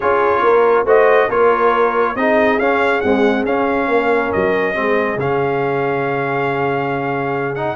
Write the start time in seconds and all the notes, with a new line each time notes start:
0.00 C#4 F4 G#4 C#5
0.42 A#3 A#4
0.84 A3 F#4 C5 D#5
1.29 A#3 F4 A#4 C#5
2.15 C4 D#4 G#4 D#5
2.59 C#4 F5
3.01 G#3 C4 F#5
3.45 C#4 F5
3.87 A#3 A#4
4.32 F#3 D#5
4.74 G#3 C4 G#4
5.16 C#3 C#4 F5
7.55 D#4 F#5